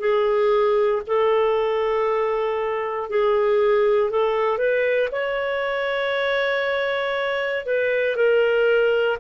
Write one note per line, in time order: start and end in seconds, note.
0.00 1.02 G#4
1.07 3.10 A4
3.10 4.10 G#4
4.10 4.58 A4
4.58 5.09 B4
5.11 7.65 C#5
7.65 8.16 B4
8.16 9.18 A#4